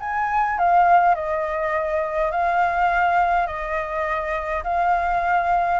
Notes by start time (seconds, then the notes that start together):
0.00 G#5
0.58 F5
1.15 D#5
2.31 F5
3.47 D#5
4.63 F5